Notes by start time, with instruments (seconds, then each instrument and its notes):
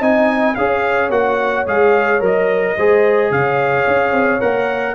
0.00 tuba C4, trombone D#4, horn D#5, trumpet G#5
0.56 tuba C#4, trombone G#4, horn C#5, trumpet F5
1.10 tuba A#3, trombone F#4, trumpet F#5
1.67 tuba G#3, trombone G#4, trumpet F5
2.21 tuba F#3, trombone A#4, trumpet D#5
2.77 tuba G#3, trombone G#4, horn C5
3.31 tuba C#3, horn C#5, trumpet F5
3.87 tuba C#4
4.12 tuba C4
4.41 tuba A#3, trombone A#4, trumpet F#5